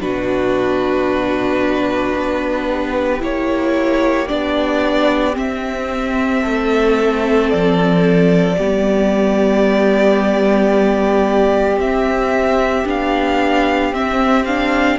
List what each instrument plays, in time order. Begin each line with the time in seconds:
0.00 cello B2, viola D4, violin F#4 B4
2.15 cello B3
2.68 violin G4
3.19 cello A#3, viola E4, violin C#5
4.28 cello B3, viola D4, violin D5
5.33 viola C4, cello C4, violin E5
6.42 cello A3, violin A4
7.50 cello F3, violin D5
8.58 cello G3, viola B3, violin G4
11.77 cello C4, viola C4, violin E5
12.85 cello B3, viola D4, violin F5
13.92 viola C4, cello C4, violin E5
14.45 viola D4, violin F5